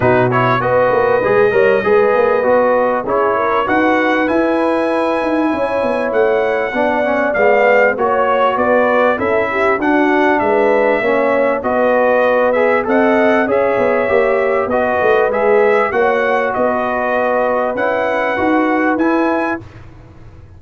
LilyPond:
<<
  \new Staff \with { instrumentName = "trumpet" } { \time 4/4 \tempo 4 = 98 b'8 cis''8 dis''2.~ | dis''4 cis''4 fis''4 gis''4~ | gis''2 fis''2 | f''4 cis''4 d''4 e''4 |
fis''4 e''2 dis''4~ | dis''8 e''8 fis''4 e''2 | dis''4 e''4 fis''4 dis''4~ | dis''4 fis''2 gis''4 | }
  \new Staff \with { instrumentName = "horn" } { \time 4/4 fis'4 b'4. cis''8 b'4~ | b'4 gis'8 ais'8 b'2~ | b'4 cis''2 d''4~ | d''4 cis''4 b'4 a'8 g'8 |
fis'4 b'4 cis''4 b'4~ | b'4 dis''4 cis''2 | b'2 cis''4 b'4~ | b'1 | }
  \new Staff \with { instrumentName = "trombone" } { \time 4/4 dis'8 e'8 fis'4 gis'8 ais'8 gis'4 | fis'4 e'4 fis'4 e'4~ | e'2. d'8 cis'8 | b4 fis'2 e'4 |
d'2 cis'4 fis'4~ | fis'8 gis'8 a'4 gis'4 g'4 | fis'4 gis'4 fis'2~ | fis'4 e'4 fis'4 e'4 | }
  \new Staff \with { instrumentName = "tuba" } { \time 4/4 b,4 b8 ais8 gis8 g8 gis8 ais8 | b4 cis'4 dis'4 e'4~ | e'8 dis'8 cis'8 b8 a4 b4 | gis4 ais4 b4 cis'4 |
d'4 gis4 ais4 b4~ | b4 c'4 cis'8 b8 ais4 | b8 a8 gis4 ais4 b4~ | b4 cis'4 dis'4 e'4 | }
>>